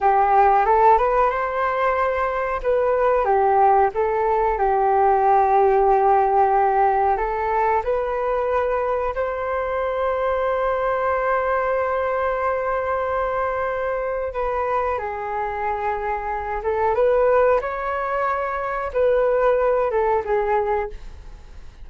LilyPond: \new Staff \with { instrumentName = "flute" } { \time 4/4 \tempo 4 = 92 g'4 a'8 b'8 c''2 | b'4 g'4 a'4 g'4~ | g'2. a'4 | b'2 c''2~ |
c''1~ | c''2 b'4 gis'4~ | gis'4. a'8 b'4 cis''4~ | cis''4 b'4. a'8 gis'4 | }